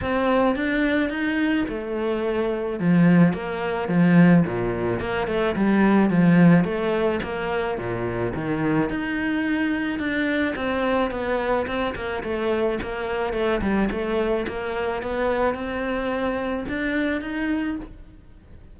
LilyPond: \new Staff \with { instrumentName = "cello" } { \time 4/4 \tempo 4 = 108 c'4 d'4 dis'4 a4~ | a4 f4 ais4 f4 | ais,4 ais8 a8 g4 f4 | a4 ais4 ais,4 dis4 |
dis'2 d'4 c'4 | b4 c'8 ais8 a4 ais4 | a8 g8 a4 ais4 b4 | c'2 d'4 dis'4 | }